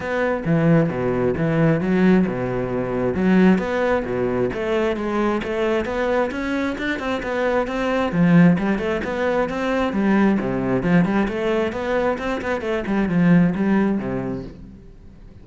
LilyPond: \new Staff \with { instrumentName = "cello" } { \time 4/4 \tempo 4 = 133 b4 e4 b,4 e4 | fis4 b,2 fis4 | b4 b,4 a4 gis4 | a4 b4 cis'4 d'8 c'8 |
b4 c'4 f4 g8 a8 | b4 c'4 g4 c4 | f8 g8 a4 b4 c'8 b8 | a8 g8 f4 g4 c4 | }